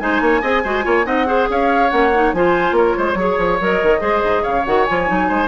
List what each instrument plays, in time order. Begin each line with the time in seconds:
0.00 bassoon G#3, clarinet D#4, oboe C5, flute G#5
0.21 bassoon A#3, oboe C#5
0.42 bassoon C4, clarinet G#4, oboe D#5
0.64 bassoon G#3, clarinet F#4, oboe C5
0.83 bassoon A#3, clarinet F4, oboe C#5
1.05 bassoon C4, clarinet D#4, oboe D#5, flute F#5
1.26 clarinet G#4, oboe C5
1.50 bassoon C#4, oboe C#5, flute F5
1.90 bassoon A#3, clarinet C#4, flute F#5
2.15 clarinet D#4
2.34 bassoon F3, clarinet F4, oboe C5, flute G#5
2.72 bassoon A#3, oboe A#4, flute C#5
2.97 bassoon G#3, oboe C5
3.15 bassoon F#3, clarinet G#4, oboe C#5
3.38 bassoon F3
3.61 bassoon F#3, clarinet A#4, flute D#5
3.83 bassoon D#3
3.99 bassoon G#3, clarinet G#4, oboe C5
4.24 bassoon G#2
4.43 bassoon C#3, oboe C#5, flute F5
4.66 bassoon D#3, clarinet F#4, flute F#5
4.85 bassoon F3, clarinet F4, flute G#5
5.07 bassoon F#3, clarinet D#4
5.29 bassoon G#3, oboe C5